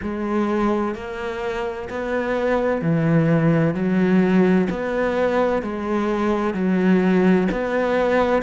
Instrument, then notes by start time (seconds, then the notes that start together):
cello
0.02 G#3
0.95 A#3
1.89 B3
2.81 E3
3.74 F#3
4.70 B3
5.62 G#3
6.54 F#3
7.51 B3